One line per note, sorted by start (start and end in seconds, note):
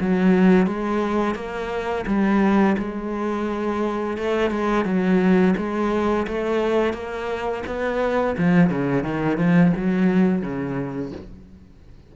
0.00 0.67 F#3
0.67 1.35 G#3
1.35 2.05 A#3
2.06 2.76 G3
2.78 4.17 G#3
4.17 4.50 A3
4.50 4.85 G#3
4.85 5.54 F#3
5.57 6.27 G#3
6.27 6.93 A3
6.93 7.63 A#3
7.66 8.36 B3
8.38 8.70 F3
8.70 9.03 C#3
9.03 9.37 D#3
9.37 9.72 F3
9.76 10.42 F#3
10.42 11.12 C#3